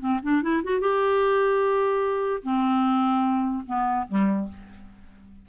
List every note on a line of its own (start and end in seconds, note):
0.00 0.20 C4
0.23 0.43 D4
0.43 0.63 E4
0.64 0.81 F#4
0.81 2.43 G4
2.43 3.65 C4
3.67 4.07 B3
4.08 4.49 G3